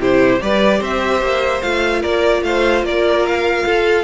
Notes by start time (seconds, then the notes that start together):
0.00 C3 E4 G4 C5
0.40 G3 G4 B4 D5
0.79 C4 C5 E5
1.22 A#3
1.62 A3 F4 F5
2.01 A#3 A#4 D5
2.42 A3 C5 F5
2.83 A#3 A#4 D5
3.27 F5
3.66 F4 A4